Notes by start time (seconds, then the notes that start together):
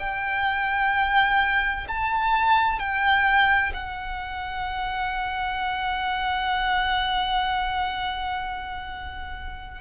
0.00 G5
1.88 A5
2.80 G5
3.74 F#5